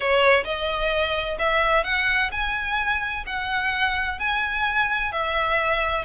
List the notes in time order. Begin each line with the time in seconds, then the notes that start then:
0.00 C#5
0.44 D#5
1.38 E5
1.84 F#5
2.31 G#5
3.26 F#5
4.19 G#5
5.12 E5